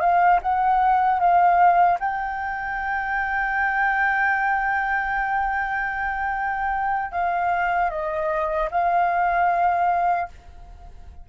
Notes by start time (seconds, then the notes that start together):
0.00 F5
0.42 F#5
1.19 F5
1.99 G5
7.12 F5
7.90 D#5
8.71 F5